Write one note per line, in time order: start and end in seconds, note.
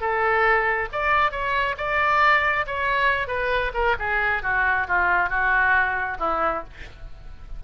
0.00 0.88 A4
0.92 1.31 D5
1.31 1.75 C#5
1.77 2.65 D5
2.66 3.27 C#5
3.27 3.71 B4
3.74 3.96 A#4
3.99 4.42 G#4
4.42 4.86 F#4
4.87 5.29 F4
5.29 6.17 F#4
6.19 6.63 E4